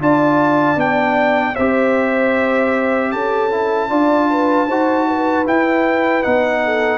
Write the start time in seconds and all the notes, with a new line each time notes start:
0.00 D4 F4 D5 A5
0.76 B3 D4 G5
1.54 C4 G4 C5 E5
3.12 C#4 A4 A5
3.51 E4
3.89 D4 F4 D5
4.30 B4
4.68 D#4 F#4 C5
5.08 B4
5.46 E4 G5
6.23 B3 D#4 F#5
6.64 A4